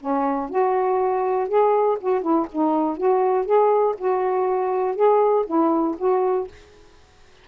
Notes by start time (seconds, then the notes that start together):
0.00 C#4
0.50 F#4
1.49 G#4
2.01 F#4
2.22 E4
2.52 D#4
2.97 F#4
3.46 G#4
3.98 F#4
4.96 G#4
5.46 E4
5.98 F#4